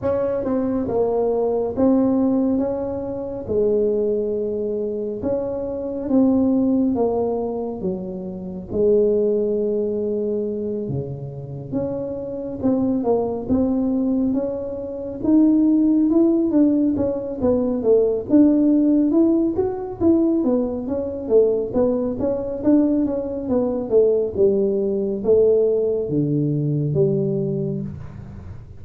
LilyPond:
\new Staff \with { instrumentName = "tuba" } { \time 4/4 \tempo 4 = 69 cis'8 c'8 ais4 c'4 cis'4 | gis2 cis'4 c'4 | ais4 fis4 gis2~ | gis8 cis4 cis'4 c'8 ais8 c'8~ |
c'8 cis'4 dis'4 e'8 d'8 cis'8 | b8 a8 d'4 e'8 fis'8 e'8 b8 | cis'8 a8 b8 cis'8 d'8 cis'8 b8 a8 | g4 a4 d4 g4 | }